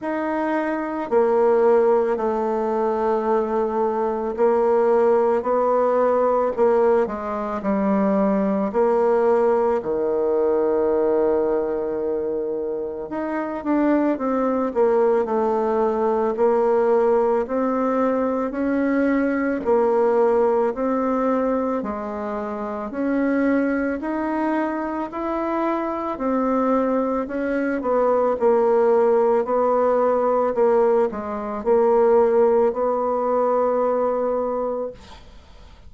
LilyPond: \new Staff \with { instrumentName = "bassoon" } { \time 4/4 \tempo 4 = 55 dis'4 ais4 a2 | ais4 b4 ais8 gis8 g4 | ais4 dis2. | dis'8 d'8 c'8 ais8 a4 ais4 |
c'4 cis'4 ais4 c'4 | gis4 cis'4 dis'4 e'4 | c'4 cis'8 b8 ais4 b4 | ais8 gis8 ais4 b2 | }